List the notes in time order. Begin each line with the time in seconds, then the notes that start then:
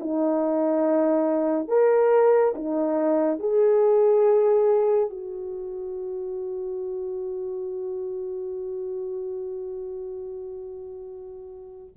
0.00 D#4
1.68 A#4
2.56 D#4
3.39 G#4
5.10 F#4